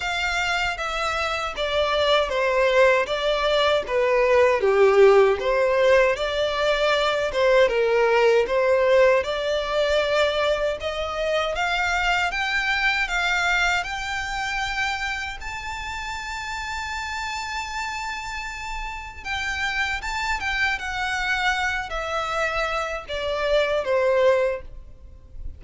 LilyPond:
\new Staff \with { instrumentName = "violin" } { \time 4/4 \tempo 4 = 78 f''4 e''4 d''4 c''4 | d''4 b'4 g'4 c''4 | d''4. c''8 ais'4 c''4 | d''2 dis''4 f''4 |
g''4 f''4 g''2 | a''1~ | a''4 g''4 a''8 g''8 fis''4~ | fis''8 e''4. d''4 c''4 | }